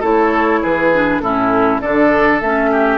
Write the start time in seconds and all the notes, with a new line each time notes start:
0.00 A3 E4 A4 C#5
0.62 E3 G#4 B4
0.93 D4
1.20 A2 C#4 E4 A4
1.81 D3 D4 A4 D5
2.41 A3 C#4 E5
2.72 G4